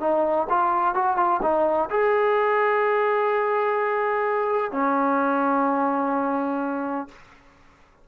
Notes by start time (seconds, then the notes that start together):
0.00 D#4
0.50 F4
0.94 F#4
1.17 F4
1.42 D#4
1.90 G#4
4.72 C#4